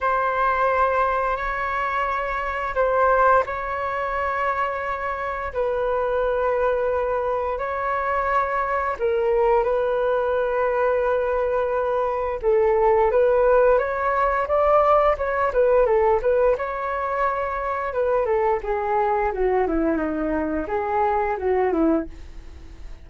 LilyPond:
\new Staff \with { instrumentName = "flute" } { \time 4/4 \tempo 4 = 87 c''2 cis''2 | c''4 cis''2. | b'2. cis''4~ | cis''4 ais'4 b'2~ |
b'2 a'4 b'4 | cis''4 d''4 cis''8 b'8 a'8 b'8 | cis''2 b'8 a'8 gis'4 | fis'8 e'8 dis'4 gis'4 fis'8 e'8 | }